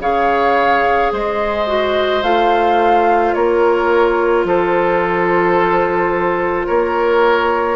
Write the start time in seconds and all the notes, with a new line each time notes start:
0.00 C#3 G#4 C#5 F5
1.13 G#3 C5 D#5
1.67 F#4
2.23 A3 F4 F5
3.34 A#3 A#4 C#5
4.45 F3 A4 C5
6.67 A#3 A#4 C#5